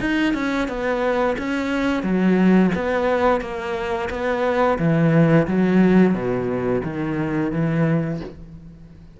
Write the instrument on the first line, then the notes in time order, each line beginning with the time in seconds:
cello
0.00 D#4
0.33 C#4
0.68 B3
1.38 C#4
2.02 F#3
2.75 B3
3.40 A#3
4.10 B3
4.78 E3
5.47 F#3
6.13 B2
6.84 D#3
7.52 E3